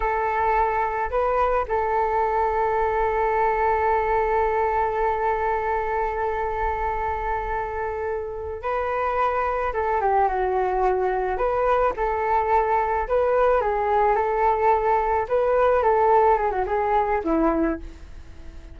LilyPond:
\new Staff \with { instrumentName = "flute" } { \time 4/4 \tempo 4 = 108 a'2 b'4 a'4~ | a'1~ | a'1~ | a'2.~ a'8 b'8~ |
b'4. a'8 g'8 fis'4.~ | fis'8 b'4 a'2 b'8~ | b'8 gis'4 a'2 b'8~ | b'8 a'4 gis'16 fis'16 gis'4 e'4 | }